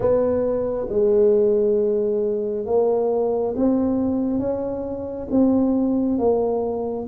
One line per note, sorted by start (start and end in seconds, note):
0.00 0.87 B3
0.89 2.65 G#3
2.65 3.53 A#3
3.56 4.39 C4
4.39 5.27 C#4
5.30 6.18 C4
6.18 7.06 A#3